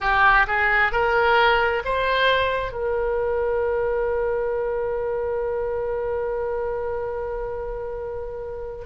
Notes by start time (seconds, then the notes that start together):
0.00 G4
0.47 G#4
0.92 A#4
1.84 C5
2.71 A#4